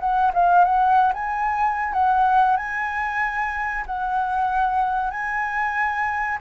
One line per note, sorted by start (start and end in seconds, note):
0.00 0.32 F#5
0.34 0.65 F5
0.65 1.13 F#5
1.13 1.93 G#5
1.93 2.57 F#5
2.57 3.84 G#5
3.86 5.11 F#5
5.11 6.38 G#5